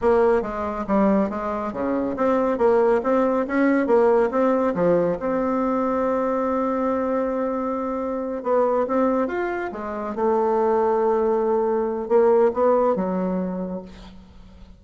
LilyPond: \new Staff \with { instrumentName = "bassoon" } { \time 4/4 \tempo 4 = 139 ais4 gis4 g4 gis4 | cis4 c'4 ais4 c'4 | cis'4 ais4 c'4 f4 | c'1~ |
c'2.~ c'8 b8~ | b8 c'4 f'4 gis4 a8~ | a1 | ais4 b4 fis2 | }